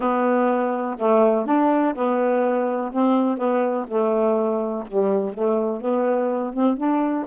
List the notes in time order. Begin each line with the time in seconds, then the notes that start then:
0.00 B3
0.98 A3
1.46 D4
1.94 B3
2.92 C4
3.37 B3
3.87 A3
4.87 G3
5.33 A3
5.80 B3
6.53 C4
6.77 D4